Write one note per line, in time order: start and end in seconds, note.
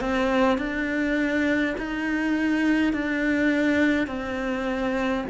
0.00 0.58 C4
0.58 1.75 D4
1.78 2.93 D#4
2.93 4.07 D4
4.07 5.25 C4